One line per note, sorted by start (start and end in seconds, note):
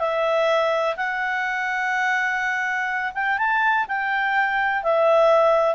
0.00 0.96 E5
0.97 3.13 F#5
3.15 3.38 G5
3.38 3.86 A5
3.88 4.83 G5
4.83 5.75 E5